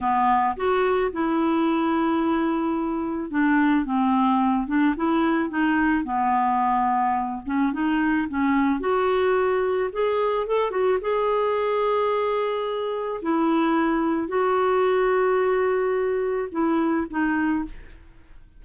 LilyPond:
\new Staff \with { instrumentName = "clarinet" } { \time 4/4 \tempo 4 = 109 b4 fis'4 e'2~ | e'2 d'4 c'4~ | c'8 d'8 e'4 dis'4 b4~ | b4. cis'8 dis'4 cis'4 |
fis'2 gis'4 a'8 fis'8 | gis'1 | e'2 fis'2~ | fis'2 e'4 dis'4 | }